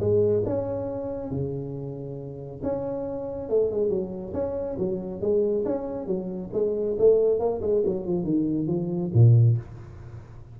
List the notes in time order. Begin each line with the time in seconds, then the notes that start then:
0.00 G#3
0.46 C#4
1.31 C#3
2.63 C#4
3.49 A3
3.71 G#3
3.89 F#3
4.33 C#4
4.78 F#3
5.21 G#3
5.65 C#4
6.06 F#3
6.53 G#3
6.98 A3
7.39 A#3
7.61 G#3
7.86 F#3
8.06 F3
8.24 D#3
8.67 F3
9.14 A#2